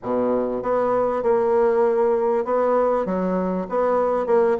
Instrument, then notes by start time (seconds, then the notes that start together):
bassoon
0.03 B2
0.62 B3
1.22 A#3
2.45 B3
3.05 F#3
3.69 B3
4.26 A#3